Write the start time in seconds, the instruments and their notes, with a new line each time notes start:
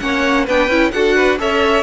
0.00 cello A#3, viola C#4, violin C#5 F#5
0.45 cello B3, viola D4, violin B4 G5
0.68 cello C#4, viola E4
0.92 cello D4, viola F#4, violin A4 F#5
1.16 violin B4
1.39 cello C#4, viola A4, violin C#5 E5